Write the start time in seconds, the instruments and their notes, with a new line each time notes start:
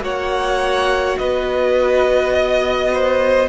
0.00 cello A#3, viola F#4, violin C#5 F#5
1.18 cello B3, violin B4 D#5
2.33 violin D#5
2.94 violin C5